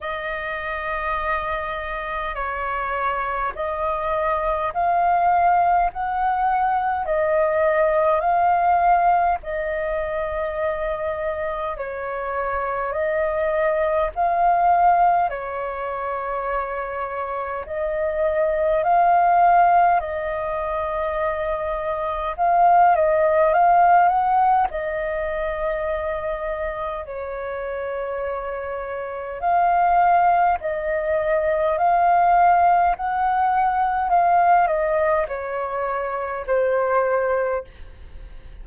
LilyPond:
\new Staff \with { instrumentName = "flute" } { \time 4/4 \tempo 4 = 51 dis''2 cis''4 dis''4 | f''4 fis''4 dis''4 f''4 | dis''2 cis''4 dis''4 | f''4 cis''2 dis''4 |
f''4 dis''2 f''8 dis''8 | f''8 fis''8 dis''2 cis''4~ | cis''4 f''4 dis''4 f''4 | fis''4 f''8 dis''8 cis''4 c''4 | }